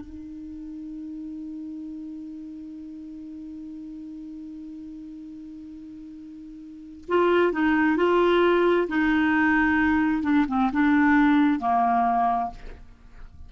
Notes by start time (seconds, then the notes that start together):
0.00 D#4
7.08 F4
7.52 D#4
7.97 F4
8.88 D#4
10.23 D4
10.48 C4
10.72 D4
11.60 A#3